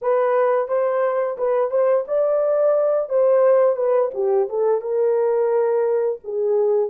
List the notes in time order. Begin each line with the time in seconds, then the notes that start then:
0.01 B4
0.67 C5
1.37 B4
1.70 C5
2.07 D5
3.09 C5
3.76 B4
4.14 G4
4.49 A4
4.81 A#4
6.24 G#4